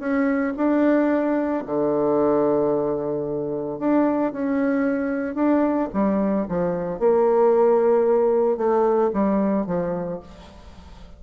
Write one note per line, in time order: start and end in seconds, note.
0.00 0.54 C#4
0.57 1.64 D4
1.66 3.79 D3
3.79 4.33 D4
4.33 5.35 C#4
5.35 5.89 D4
5.94 6.47 G3
6.49 7.00 F3
7.00 8.58 A#3
8.58 9.11 A3
9.13 9.67 G3
9.67 10.21 F3